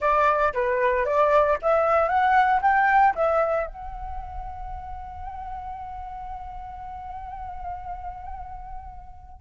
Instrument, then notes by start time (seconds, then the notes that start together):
flute
0.00 D5
0.53 B4
1.05 D5
1.62 E5
2.08 F#5
2.61 G5
3.15 E5
3.66 F#5